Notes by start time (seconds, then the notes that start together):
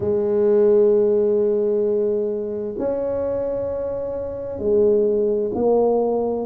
0.00 G#3
2.78 C#4
4.58 G#3
5.54 A#3